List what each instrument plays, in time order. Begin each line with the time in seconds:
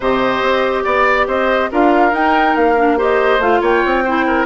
0.00 bassoon C3, clarinet G4, oboe C5, flute D#5
0.41 bassoon C4
0.84 bassoon B3, oboe D5, flute D5
1.27 bassoon C4, oboe C5, flute D#5
1.71 bassoon D4, clarinet F4, oboe A#4, flute F5
2.11 clarinet D#4, bassoon D#4, flute G5
2.55 bassoon A#3, flute F5
2.77 clarinet D4
2.97 clarinet G4, oboe C5, flute D#5
3.39 bassoon A3, clarinet F4, flute F5
3.61 bassoon A#3, oboe C#5, flute G5
3.85 bassoon C4
4.03 clarinet E4, oboe C5
4.26 oboe A#4